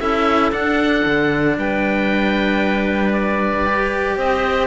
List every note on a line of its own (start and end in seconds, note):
0.00 0.52 C#4
0.00 0.53 E4
0.00 1.57 A4
0.00 0.52 E5
0.52 1.04 D4
0.52 3.67 D4
0.52 1.57 F#5
1.06 1.58 D3
1.58 4.17 G3
1.58 4.17 B4
1.58 3.14 G5
3.14 4.18 D5
3.67 4.68 G4
4.17 4.68 C4
4.17 4.68 C5
4.17 4.68 D#5